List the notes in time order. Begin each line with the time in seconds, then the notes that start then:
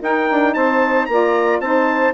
0.00 D#4 A#4 G5
0.31 D4
0.54 C4 C5 A5
1.06 A#3 F4 A#5
1.12 D5
1.60 C4 D#4 C5 A5